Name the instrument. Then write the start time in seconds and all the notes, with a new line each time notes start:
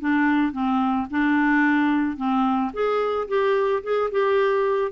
clarinet
0.00 D4
0.52 C4
1.10 D4
2.17 C4
2.73 G#4
3.28 G4
3.83 G#4
4.11 G4